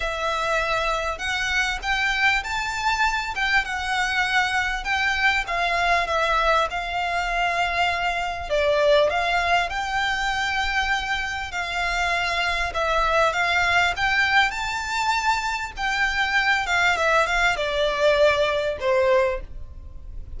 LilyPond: \new Staff \with { instrumentName = "violin" } { \time 4/4 \tempo 4 = 99 e''2 fis''4 g''4 | a''4. g''8 fis''2 | g''4 f''4 e''4 f''4~ | f''2 d''4 f''4 |
g''2. f''4~ | f''4 e''4 f''4 g''4 | a''2 g''4. f''8 | e''8 f''8 d''2 c''4 | }